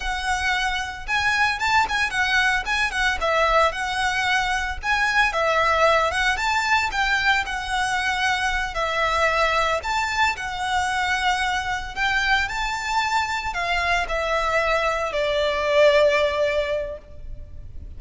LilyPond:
\new Staff \with { instrumentName = "violin" } { \time 4/4 \tempo 4 = 113 fis''2 gis''4 a''8 gis''8 | fis''4 gis''8 fis''8 e''4 fis''4~ | fis''4 gis''4 e''4. fis''8 | a''4 g''4 fis''2~ |
fis''8 e''2 a''4 fis''8~ | fis''2~ fis''8 g''4 a''8~ | a''4. f''4 e''4.~ | e''8 d''2.~ d''8 | }